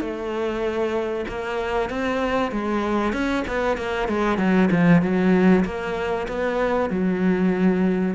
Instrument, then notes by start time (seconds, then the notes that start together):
cello
0.00 A3
1.28 A#3
1.89 C4
2.51 G#3
3.12 C#4
3.47 B3
3.77 A#3
4.08 G#3
4.38 F#3
4.71 F3
5.02 F#3
5.64 A#3
6.28 B3
6.90 F#3